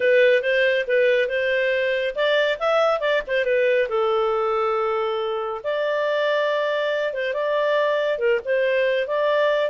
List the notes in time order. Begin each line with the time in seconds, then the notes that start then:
0.00 B4
0.42 C5
0.87 B4
1.28 C5
2.15 D5
2.59 E5
3.00 D5
3.27 C5
3.44 B4
3.88 A4
5.63 D5
7.13 C5
7.33 D5
8.18 A#4
8.44 C5
9.07 D5